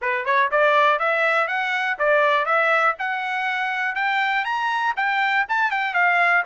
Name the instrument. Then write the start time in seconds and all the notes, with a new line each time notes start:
trumpet
0.01 B4
0.25 C#5
0.51 D5
0.99 E5
1.47 F#5
1.98 D5
2.45 E5
2.98 F#5
3.95 G5
4.44 A#5
4.96 G5
5.48 A5
5.70 G5
5.94 F5